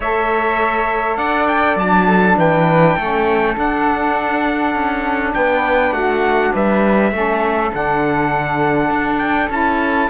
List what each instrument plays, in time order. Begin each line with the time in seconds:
0.00 cello A3, saxophone A4, flute C#5, trumpet E5
1.17 cello D4, flute D5, trumpet F#5
1.47 trumpet G5
1.76 cello F#3, saxophone D4, trumpet A5
2.07 flute A4
2.36 cello E3, flute B4, trumpet G5
2.95 cello A3, saxophone C#4, flute A4
3.54 saxophone D4, cello D4, trumpet F#5
4.74 cello C#4
5.34 cello B3, flute B4, trumpet G5
5.91 cello A3, flute F#4, trumpet F#5
6.53 cello G3, flute B4, trumpet E5
7.11 cello A3, saxophone C#4, flute A4
7.73 cello D3, saxophone D4, trumpet F#5
8.89 cello D4
9.18 trumpet G5
9.49 cello C#4, saxophone E4, trumpet A5